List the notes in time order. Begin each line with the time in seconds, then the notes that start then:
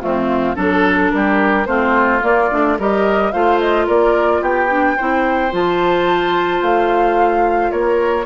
0.00 F2 A3 C4 F4
0.55 F#3 D4 A4
1.11 G3 G4 A#4
1.65 A3 C4 F4 C5
2.20 A#3 D5
2.51 A3 D4
2.78 G3 G4 A#4 D#5
3.31 A3 F4 C5 F5
3.59 D#5
3.86 A#3 A#4 D5
4.41 B3 G4 G5
4.69 D4
4.96 C4 E4 C5
5.50 F3 F4 A5
6.61 A3 F5
7.71 A#3 A#4 C#5